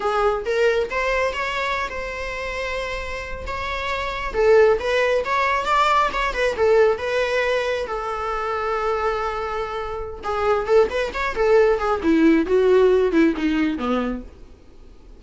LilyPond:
\new Staff \with { instrumentName = "viola" } { \time 4/4 \tempo 4 = 135 gis'4 ais'4 c''4 cis''4~ | cis''16 c''2.~ c''8 cis''16~ | cis''4.~ cis''16 a'4 b'4 cis''16~ | cis''8. d''4 cis''8 b'8 a'4 b'16~ |
b'4.~ b'16 a'2~ a'16~ | a'2. gis'4 | a'8 b'8 cis''8 a'4 gis'8 e'4 | fis'4. e'8 dis'4 b4 | }